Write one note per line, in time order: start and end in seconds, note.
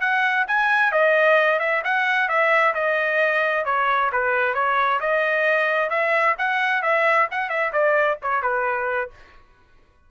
0.00 0.45 F#5
0.47 0.91 G#5
0.91 1.59 D#5
1.59 1.82 E5
1.84 2.28 F#5
2.28 2.74 E5
2.74 3.64 D#5
3.64 4.10 C#5
4.12 4.54 B4
4.54 4.99 C#5
5.00 5.89 D#5
5.89 6.35 E5
6.38 6.82 F#5
6.82 7.27 E5
7.31 7.49 F#5
7.49 7.71 E5
7.72 8.18 D5
8.22 8.42 C#5
8.42 9.10 B4